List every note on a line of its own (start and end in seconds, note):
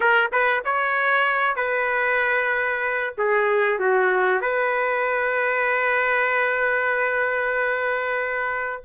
0.00 0.31 A#4
0.32 0.63 B4
0.64 1.56 C#5
1.56 3.13 B4
3.17 3.78 G#4
3.78 4.41 F#4
4.41 8.83 B4